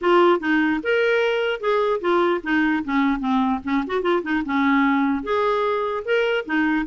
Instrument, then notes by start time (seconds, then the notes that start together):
clarinet
0.01 F4
0.40 D#4
0.83 A#4
1.60 G#4
2.00 F4
2.43 D#4
2.84 C#4
3.19 C4
3.64 C#4
3.86 F#4
4.02 F4
4.22 D#4
4.45 C#4
5.23 G#4
6.04 A#4
6.45 D#4